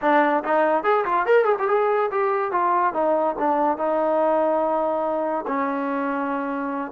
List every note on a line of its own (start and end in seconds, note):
0.01 0.43 D4
0.43 0.83 D#4
0.83 1.04 G#4
1.05 1.25 F4
1.25 1.44 A#4
1.44 1.55 G#4
1.58 1.68 G4
1.68 2.10 G#4
2.11 2.51 G4
2.51 2.93 F4
2.93 3.35 D#4
3.38 3.77 D4
3.77 5.45 D#4
5.47 6.91 C#4